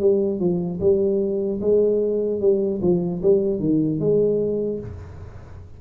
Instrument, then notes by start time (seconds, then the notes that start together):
tuba
0.00 G3
0.40 F3
0.80 G3
1.61 G#3
2.41 G3
2.82 F3
3.23 G3
3.60 D#3
4.00 G#3